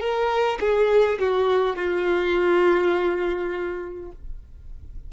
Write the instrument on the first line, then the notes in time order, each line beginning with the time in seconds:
violin
0.00 A#4
0.60 G#4
1.19 F#4
1.75 F4